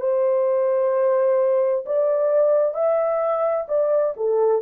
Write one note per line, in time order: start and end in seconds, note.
0.00 1.85 C5
1.85 2.74 D5
2.74 3.66 E5
3.68 4.14 D5
4.16 4.62 A4